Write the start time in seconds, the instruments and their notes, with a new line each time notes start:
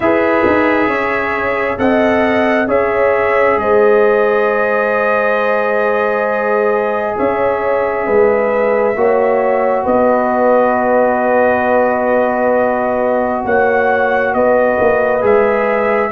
0.00 tuba E4, trombone G#4, horn B4, trumpet E5
0.46 tuba D#4
0.87 tuba C#4, horn C#5
1.77 tuba C4, trombone A4, horn D#5, trumpet F#5
2.67 tuba C#4, trombone G#4, horn C#5, trumpet E5
3.57 tuba G#3, horn C5, trumpet D#5
7.17 tuba C#4, horn C#5, trumpet E5
8.06 tuba G#3, horn B4
8.95 tuba A#3, trombone F#4, horn C#5
9.83 tuba B3, horn B4, trumpet D#5
13.44 tuba A#3, horn C#5, trumpet F#5
14.33 tuba B3, horn B4, trumpet D#5
14.80 tuba A#3
15.21 tuba G#3, trombone G#4, trumpet E5